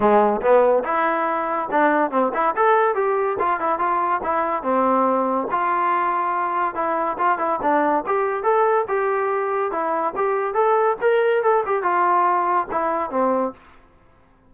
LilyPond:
\new Staff \with { instrumentName = "trombone" } { \time 4/4 \tempo 4 = 142 gis4 b4 e'2 | d'4 c'8 e'8 a'4 g'4 | f'8 e'8 f'4 e'4 c'4~ | c'4 f'2. |
e'4 f'8 e'8 d'4 g'4 | a'4 g'2 e'4 | g'4 a'4 ais'4 a'8 g'8 | f'2 e'4 c'4 | }